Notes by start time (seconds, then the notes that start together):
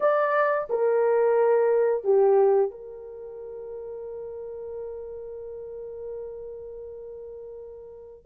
0.00 D5
0.69 A#4
2.03 G4
2.70 A#4